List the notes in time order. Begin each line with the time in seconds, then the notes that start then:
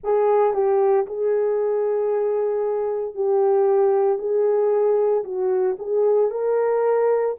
0.03 G#4
0.53 G4
1.06 G#4
3.14 G4
4.18 G#4
5.23 F#4
5.78 G#4
6.30 A#4